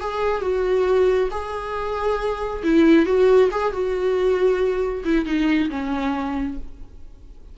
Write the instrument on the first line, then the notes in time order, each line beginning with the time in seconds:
viola
0.00 G#4
0.41 F#4
1.31 G#4
2.63 E4
3.06 F#4
3.51 G#4
3.72 F#4
5.04 E4
5.25 D#4
5.70 C#4